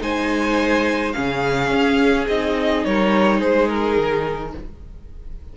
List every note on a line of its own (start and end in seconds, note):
0.00 1.14 G#3
0.00 1.13 D#4
0.00 1.15 C5
0.00 1.12 G#5
1.12 1.71 C#3
1.12 2.28 C#4
1.12 2.86 G#4
1.12 2.26 F5
1.71 2.27 C#4
2.28 2.85 C4
2.28 4.57 D#4
2.28 2.85 D#5
2.85 3.41 G3
2.85 3.39 A#4
2.85 3.40 C#5
3.39 3.97 G#3
3.39 4.52 G#4
3.39 3.69 C5
3.69 4.53 A#4
3.97 4.54 D#3